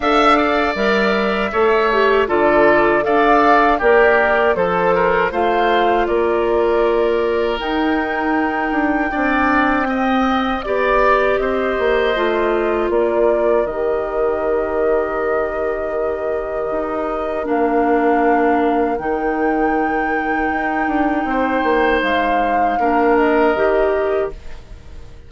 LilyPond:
<<
  \new Staff \with { instrumentName = "flute" } { \time 4/4 \tempo 4 = 79 f''4 e''2 d''4 | f''4 d''4 c''4 f''4 | d''2 g''2~ | g''2 d''4 dis''4~ |
dis''4 d''4 dis''2~ | dis''2. f''4~ | f''4 g''2.~ | g''4 f''4. dis''4. | }
  \new Staff \with { instrumentName = "oboe" } { \time 4/4 e''8 d''4. cis''4 a'4 | d''4 g'4 a'8 ais'8 c''4 | ais'1 | d''4 dis''4 d''4 c''4~ |
c''4 ais'2.~ | ais'1~ | ais'1 | c''2 ais'2 | }
  \new Staff \with { instrumentName = "clarinet" } { \time 4/4 a'4 ais'4 a'8 g'8 f'4 | a'4 ais'4 a'4 f'4~ | f'2 dis'2 | d'4 c'4 g'2 |
f'2 g'2~ | g'2. d'4~ | d'4 dis'2.~ | dis'2 d'4 g'4 | }
  \new Staff \with { instrumentName = "bassoon" } { \time 4/4 d'4 g4 a4 d4 | d'4 ais4 f4 a4 | ais2 dis'4. d'8 | c'2 b4 c'8 ais8 |
a4 ais4 dis2~ | dis2 dis'4 ais4~ | ais4 dis2 dis'8 d'8 | c'8 ais8 gis4 ais4 dis4 | }
>>